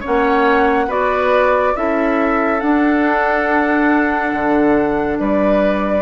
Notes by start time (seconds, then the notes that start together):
0.00 C#4 C#5 F#5
0.06 A#3
0.87 B3 F#4 B4 D5
1.75 C#4 E4 A4 E5
2.60 D4 F#5
4.32 D3
5.18 G3 B4 D5